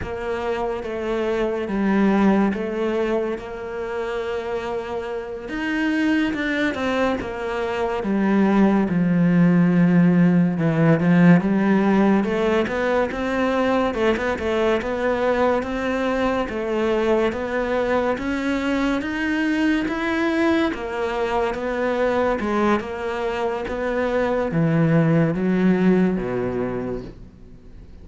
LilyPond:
\new Staff \with { instrumentName = "cello" } { \time 4/4 \tempo 4 = 71 ais4 a4 g4 a4 | ais2~ ais8 dis'4 d'8 | c'8 ais4 g4 f4.~ | f8 e8 f8 g4 a8 b8 c'8~ |
c'8 a16 b16 a8 b4 c'4 a8~ | a8 b4 cis'4 dis'4 e'8~ | e'8 ais4 b4 gis8 ais4 | b4 e4 fis4 b,4 | }